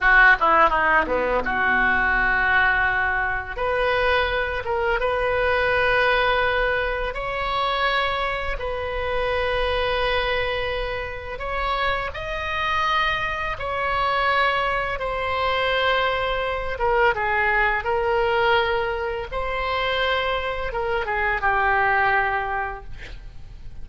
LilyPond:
\new Staff \with { instrumentName = "oboe" } { \time 4/4 \tempo 4 = 84 fis'8 e'8 dis'8 b8 fis'2~ | fis'4 b'4. ais'8 b'4~ | b'2 cis''2 | b'1 |
cis''4 dis''2 cis''4~ | cis''4 c''2~ c''8 ais'8 | gis'4 ais'2 c''4~ | c''4 ais'8 gis'8 g'2 | }